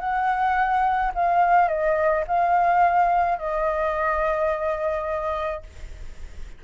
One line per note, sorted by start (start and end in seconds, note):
0.00 1.12 F#5
1.15 1.68 F5
1.68 2.24 D#5
2.27 3.39 F5
3.39 5.63 D#5